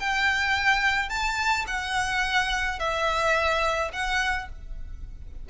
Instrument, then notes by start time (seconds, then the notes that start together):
violin
0.00 G5
1.10 A5
1.67 F#5
2.80 E5
3.93 F#5